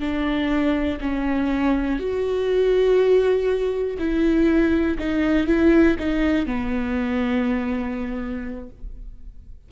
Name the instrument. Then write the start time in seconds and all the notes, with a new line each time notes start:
viola
0.00 D4
1.01 C#4
1.99 F#4
3.99 E4
4.99 D#4
5.47 E4
5.99 D#4
6.46 B3